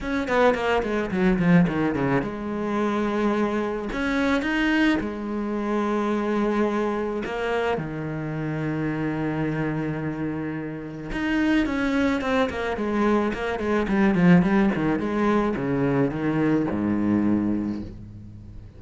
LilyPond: \new Staff \with { instrumentName = "cello" } { \time 4/4 \tempo 4 = 108 cis'8 b8 ais8 gis8 fis8 f8 dis8 cis8 | gis2. cis'4 | dis'4 gis2.~ | gis4 ais4 dis2~ |
dis1 | dis'4 cis'4 c'8 ais8 gis4 | ais8 gis8 g8 f8 g8 dis8 gis4 | cis4 dis4 gis,2 | }